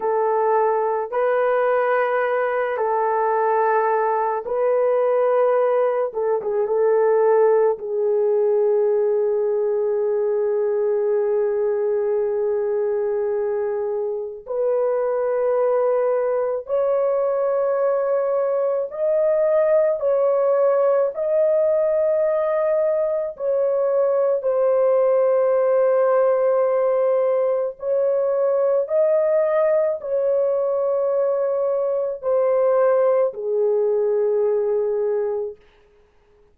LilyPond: \new Staff \with { instrumentName = "horn" } { \time 4/4 \tempo 4 = 54 a'4 b'4. a'4. | b'4. a'16 gis'16 a'4 gis'4~ | gis'1~ | gis'4 b'2 cis''4~ |
cis''4 dis''4 cis''4 dis''4~ | dis''4 cis''4 c''2~ | c''4 cis''4 dis''4 cis''4~ | cis''4 c''4 gis'2 | }